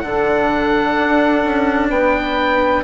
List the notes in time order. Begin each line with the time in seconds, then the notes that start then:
0.00 D3 D4 A4 F#5
0.99 D4
1.44 C#4
1.89 B3 B4 G5